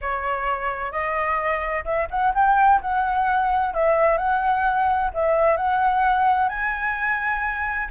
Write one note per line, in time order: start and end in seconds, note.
0.01 0.91 C#5
0.91 1.84 D#5
1.84 2.08 E5
2.10 2.33 F#5
2.34 2.80 G5
2.81 3.74 F#5
3.74 4.17 E5
4.17 5.10 F#5
5.14 5.56 E5
5.56 6.48 F#5
6.48 7.88 G#5